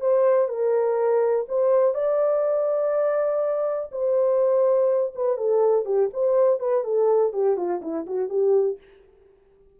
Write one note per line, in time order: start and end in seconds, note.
0.00 0.48 C5
0.48 1.46 A#4
1.48 1.94 C5
1.94 3.89 D5
3.92 5.14 C5
5.15 5.37 B4
5.37 5.85 A4
5.85 6.09 G4
6.13 6.59 C5
6.59 6.84 B4
6.84 7.32 A4
7.32 7.56 G4
7.56 7.81 F4
7.82 8.06 E4
8.06 8.29 F#4
8.29 8.78 G4